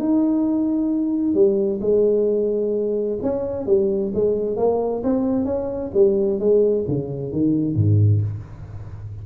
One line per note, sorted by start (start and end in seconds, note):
0.00 1.34 D#4
1.34 1.80 G3
1.82 3.19 G#3
3.23 3.67 C#4
3.67 4.13 G3
4.15 4.57 G#3
4.57 5.03 A#3
5.04 5.46 C4
5.46 5.91 C#4
5.95 6.40 G3
6.40 6.86 G#3
6.88 7.33 C#3
7.33 7.76 D#3
7.76 8.22 G#2